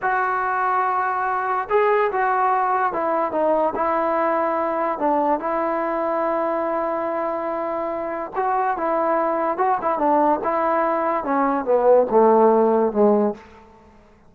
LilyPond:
\new Staff \with { instrumentName = "trombone" } { \time 4/4 \tempo 4 = 144 fis'1 | gis'4 fis'2 e'4 | dis'4 e'2. | d'4 e'2.~ |
e'1 | fis'4 e'2 fis'8 e'8 | d'4 e'2 cis'4 | b4 a2 gis4 | }